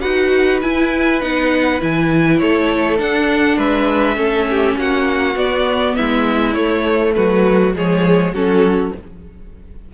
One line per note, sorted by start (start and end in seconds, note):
0.00 0.63 D#4
0.00 0.61 F#4
0.00 2.38 B4
0.00 0.59 F#5
0.61 1.21 E4
0.61 1.22 E4
0.61 1.21 G#5
1.21 1.81 B3
1.21 1.80 D#4
1.21 1.80 F#5
1.80 2.41 E3
1.80 2.98 E4
1.80 2.38 G#5
2.38 2.99 A3
2.38 3.57 A4
2.38 2.97 C#5
2.98 4.15 D4
2.98 3.57 D4
2.98 3.58 F#5
3.57 4.16 G#3
3.57 4.16 B4
3.57 4.77 E5
4.15 4.75 A3
4.15 5.34 C#4
4.15 4.47 A4
4.50 4.78 G4
4.76 5.35 A#3
4.76 5.96 F#4
4.76 5.37 F#5
5.35 5.94 B3
5.35 6.55 B3
5.35 5.95 D5
5.95 6.55 G#3
5.95 7.15 E4
5.95 6.53 E5
6.53 7.74 A3
6.53 7.15 A3
6.53 7.13 C#5
7.14 7.75 F#3
7.14 7.76 F#4
7.14 7.73 B4
7.74 8.32 F3
7.74 8.34 G#3
7.74 8.34 G#4
7.74 8.34 C#5
8.32 8.91 F#3
8.32 8.94 C#4
8.32 8.93 F#4
8.32 8.93 A4